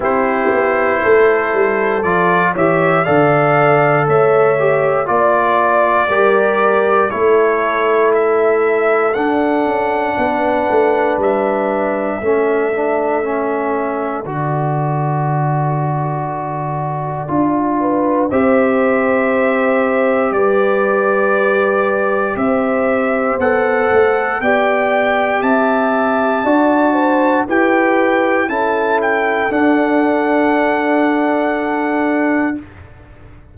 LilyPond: <<
  \new Staff \with { instrumentName = "trumpet" } { \time 4/4 \tempo 4 = 59 c''2 d''8 e''8 f''4 | e''4 d''2 cis''4 | e''4 fis''2 e''4~ | e''2 d''2~ |
d''2 e''2 | d''2 e''4 fis''4 | g''4 a''2 g''4 | a''8 g''8 fis''2. | }
  \new Staff \with { instrumentName = "horn" } { \time 4/4 g'4 a'4. cis''8 d''4 | cis''4 d''4 ais'4 a'4~ | a'2 b'2 | a'1~ |
a'4. b'8 c''2 | b'2 c''2 | d''4 e''4 d''8 c''8 b'4 | a'1 | }
  \new Staff \with { instrumentName = "trombone" } { \time 4/4 e'2 f'8 g'8 a'4~ | a'8 g'8 f'4 g'4 e'4~ | e'4 d'2. | cis'8 d'8 cis'4 fis'2~ |
fis'4 f'4 g'2~ | g'2. a'4 | g'2 fis'4 g'4 | e'4 d'2. | }
  \new Staff \with { instrumentName = "tuba" } { \time 4/4 c'8 b8 a8 g8 f8 e8 d4 | a4 ais4 g4 a4~ | a4 d'8 cis'8 b8 a8 g4 | a2 d2~ |
d4 d'4 c'2 | g2 c'4 b8 a8 | b4 c'4 d'4 e'4 | cis'4 d'2. | }
>>